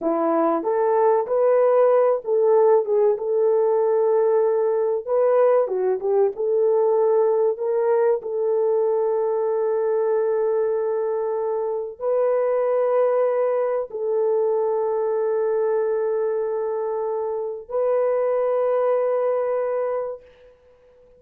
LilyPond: \new Staff \with { instrumentName = "horn" } { \time 4/4 \tempo 4 = 95 e'4 a'4 b'4. a'8~ | a'8 gis'8 a'2. | b'4 fis'8 g'8 a'2 | ais'4 a'2.~ |
a'2. b'4~ | b'2 a'2~ | a'1 | b'1 | }